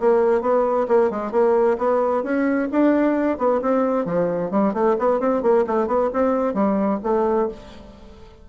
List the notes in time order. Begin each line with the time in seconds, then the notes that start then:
0.00 A#3
0.41 B3
0.88 A#3
1.11 G#3
1.32 A#3
1.78 B3
2.23 C#4
2.72 D4
3.38 B3
3.62 C4
4.05 F3
4.51 G3
4.74 A3
4.99 B3
5.20 C4
5.42 A#3
5.67 A3
5.87 B3
6.13 C4
6.54 G3
7.03 A3